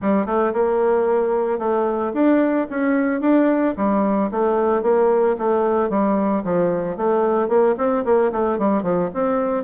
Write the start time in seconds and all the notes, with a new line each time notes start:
0.01 G3
0.26 A3
0.53 A#3
1.58 A3
2.13 D4
2.70 C#4
3.20 D4
3.76 G3
4.31 A3
4.82 A#3
5.38 A3
5.89 G3
6.44 F3
6.96 A3
7.48 A#3
7.77 C4
8.04 A#3
8.32 A3
8.58 G3
8.83 F3
9.14 C4